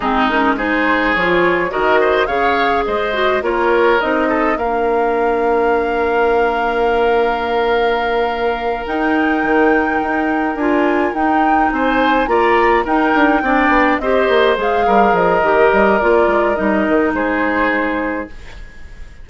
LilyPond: <<
  \new Staff \with { instrumentName = "flute" } { \time 4/4 \tempo 4 = 105 gis'8 ais'8 c''4 cis''4 dis''4 | f''4 dis''4 cis''4 dis''4 | f''1~ | f''2.~ f''8 g''8~ |
g''2~ g''8 gis''4 g''8~ | g''8 gis''4 ais''4 g''4.~ | g''8 dis''4 f''4 dis''4. | d''4 dis''4 c''2 | }
  \new Staff \with { instrumentName = "oboe" } { \time 4/4 dis'4 gis'2 ais'8 c''8 | cis''4 c''4 ais'4. a'8 | ais'1~ | ais'1~ |
ais'1~ | ais'8 c''4 d''4 ais'4 d''8~ | d''8 c''4. ais'2~ | ais'2 gis'2 | }
  \new Staff \with { instrumentName = "clarinet" } { \time 4/4 c'8 cis'8 dis'4 f'4 fis'4 | gis'4. fis'8 f'4 dis'4 | d'1~ | d'2.~ d'8 dis'8~ |
dis'2~ dis'8 f'4 dis'8~ | dis'4. f'4 dis'4 d'8~ | d'8 g'4 gis'4. g'4 | f'4 dis'2. | }
  \new Staff \with { instrumentName = "bassoon" } { \time 4/4 gis2 f4 dis4 | cis4 gis4 ais4 c'4 | ais1~ | ais2.~ ais8 dis'8~ |
dis'8 dis4 dis'4 d'4 dis'8~ | dis'8 c'4 ais4 dis'8 d'8 c'8 | b8 c'8 ais8 gis8 g8 f8 dis8 g8 | ais8 gis8 g8 dis8 gis2 | }
>>